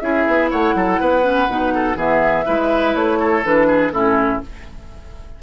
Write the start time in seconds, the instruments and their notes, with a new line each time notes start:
0.00 bassoon C#4, clarinet E4, oboe G#4, flute E5
0.27 bassoon B3
0.50 bassoon A3, oboe C#5, flute F#5
0.75 bassoon F#3, oboe A4
1.00 bassoon B3, oboe B4
1.23 clarinet C#4
1.48 bassoon B2, clarinet D#4
1.75 oboe A4
1.96 bassoon E3, clarinet B3, oboe G#4, flute E5
2.45 bassoon G#3, clarinet E4, oboe B4
2.95 bassoon A3, flute C#5
3.19 oboe A4
3.44 bassoon E3, clarinet D4, flute B4
3.67 oboe G#4
3.91 bassoon A2, clarinet C#4, oboe E4, flute A4